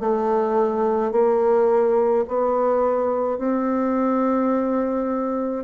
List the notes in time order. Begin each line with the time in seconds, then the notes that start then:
0.00 A3
1.12 A#3
2.28 B3
3.38 C4